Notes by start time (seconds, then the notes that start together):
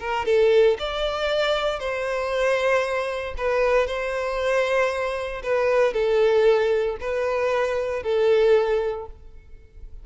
0.00 A#4
0.26 A4
0.79 D5
1.79 C5
3.37 B4
3.87 C5
5.43 B4
5.94 A4
7.00 B4
8.03 A4